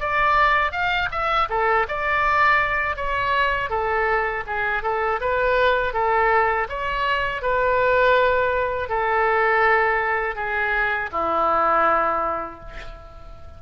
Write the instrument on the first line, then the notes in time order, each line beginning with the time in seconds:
oboe
0.00 D5
0.72 F5
1.11 E5
1.49 A4
1.89 D5
2.97 C#5
3.70 A4
4.47 G#4
4.83 A4
5.21 B4
5.93 A4
6.69 C#5
7.42 B4
8.89 A4
10.36 G#4
11.12 E4